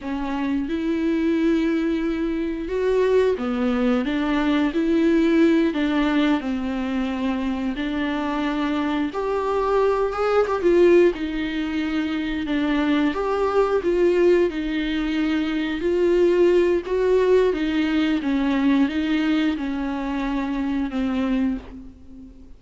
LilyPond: \new Staff \with { instrumentName = "viola" } { \time 4/4 \tempo 4 = 89 cis'4 e'2. | fis'4 b4 d'4 e'4~ | e'8 d'4 c'2 d'8~ | d'4. g'4. gis'8 g'16 f'16~ |
f'8 dis'2 d'4 g'8~ | g'8 f'4 dis'2 f'8~ | f'4 fis'4 dis'4 cis'4 | dis'4 cis'2 c'4 | }